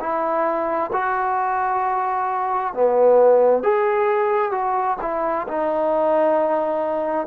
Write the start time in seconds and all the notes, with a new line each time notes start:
0.00 E4
0.93 F#4
2.74 B3
3.64 G#4
4.52 F#4
5.02 E4
5.48 D#4